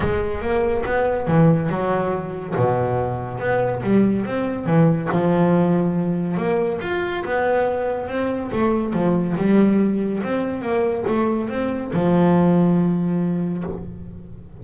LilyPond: \new Staff \with { instrumentName = "double bass" } { \time 4/4 \tempo 4 = 141 gis4 ais4 b4 e4 | fis2 b,2 | b4 g4 c'4 e4 | f2. ais4 |
f'4 b2 c'4 | a4 f4 g2 | c'4 ais4 a4 c'4 | f1 | }